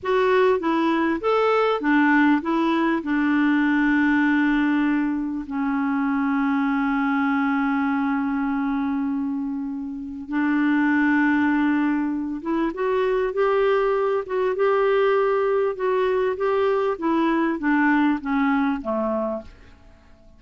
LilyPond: \new Staff \with { instrumentName = "clarinet" } { \time 4/4 \tempo 4 = 99 fis'4 e'4 a'4 d'4 | e'4 d'2.~ | d'4 cis'2.~ | cis'1~ |
cis'4 d'2.~ | d'8 e'8 fis'4 g'4. fis'8 | g'2 fis'4 g'4 | e'4 d'4 cis'4 a4 | }